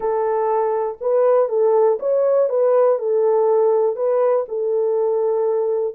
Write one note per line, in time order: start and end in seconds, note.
0.00 0.97 A4
1.00 1.48 B4
1.48 1.98 A4
1.99 2.49 C#5
2.49 2.98 B4
2.98 3.96 A4
3.96 4.45 B4
4.48 5.95 A4